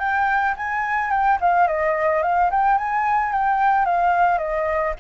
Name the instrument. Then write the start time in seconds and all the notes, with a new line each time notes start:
flute
0.00 G5
0.57 G#5
1.11 G5
1.41 F5
1.68 D#5
2.23 F5
2.51 G5
2.78 G#5
3.33 G5
3.86 F5
4.39 D#5